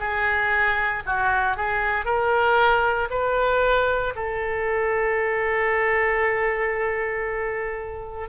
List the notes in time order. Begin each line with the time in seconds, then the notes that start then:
0.00 G#4
1.06 F#4
1.57 G#4
2.05 A#4
3.11 B4
4.16 A4